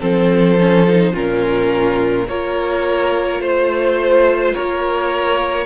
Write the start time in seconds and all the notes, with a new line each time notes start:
0.00 F3 C4 A4 C5
0.59 C#4
0.87 D#4
1.13 A#2 C#4 F4 A#4
2.28 A#3 F4 A#4 C#5
3.40 A3 C5
4.54 A#3 A#4 C#5